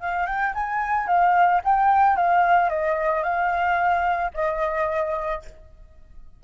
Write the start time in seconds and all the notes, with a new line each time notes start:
0.00 F5
0.27 G5
0.54 G#5
1.07 F5
1.64 G5
2.16 F5
2.70 D#5
3.23 F5
4.34 D#5